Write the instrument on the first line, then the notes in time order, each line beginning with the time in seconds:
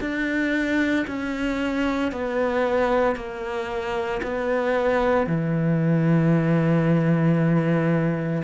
cello
0.00 D4
1.07 C#4
2.11 B3
3.15 A#3
4.22 B3
5.26 E3